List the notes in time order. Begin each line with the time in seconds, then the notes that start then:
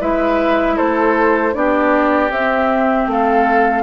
0.00 G#3 E4 B4 E5
0.76 A3 A4 C5
1.52 B3 D4 G4 D5
2.30 C4 E5
3.07 A3 A4 F5